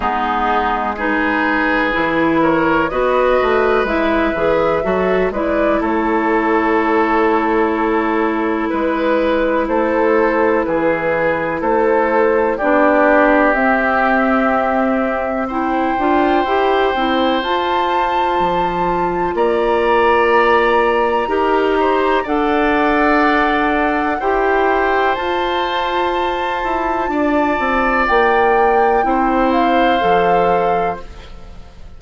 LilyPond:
<<
  \new Staff \with { instrumentName = "flute" } { \time 4/4 \tempo 4 = 62 gis'4 b'4. cis''8 dis''4 | e''4. d''8 cis''2~ | cis''4 b'4 c''4 b'4 | c''4 d''4 e''2 |
g''2 a''2 | ais''2. fis''4~ | fis''4 g''4 a''2~ | a''4 g''4. f''4. | }
  \new Staff \with { instrumentName = "oboe" } { \time 4/4 dis'4 gis'4. ais'8 b'4~ | b'4 a'8 b'8 a'2~ | a'4 b'4 a'4 gis'4 | a'4 g'2. |
c''1 | d''2 ais'8 c''8 d''4~ | d''4 c''2. | d''2 c''2 | }
  \new Staff \with { instrumentName = "clarinet" } { \time 4/4 b4 dis'4 e'4 fis'4 | e'8 gis'8 fis'8 e'2~ e'8~ | e'1~ | e'4 d'4 c'2 |
e'8 f'8 g'8 e'8 f'2~ | f'2 g'4 a'4~ | a'4 g'4 f'2~ | f'2 e'4 a'4 | }
  \new Staff \with { instrumentName = "bassoon" } { \time 4/4 gis2 e4 b8 a8 | gis8 e8 fis8 gis8 a2~ | a4 gis4 a4 e4 | a4 b4 c'2~ |
c'8 d'8 e'8 c'8 f'4 f4 | ais2 dis'4 d'4~ | d'4 e'4 f'4. e'8 | d'8 c'8 ais4 c'4 f4 | }
>>